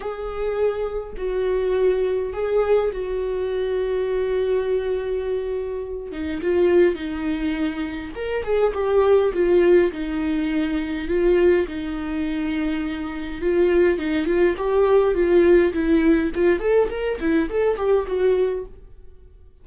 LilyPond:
\new Staff \with { instrumentName = "viola" } { \time 4/4 \tempo 4 = 103 gis'2 fis'2 | gis'4 fis'2.~ | fis'2~ fis'8 dis'8 f'4 | dis'2 ais'8 gis'8 g'4 |
f'4 dis'2 f'4 | dis'2. f'4 | dis'8 f'8 g'4 f'4 e'4 | f'8 a'8 ais'8 e'8 a'8 g'8 fis'4 | }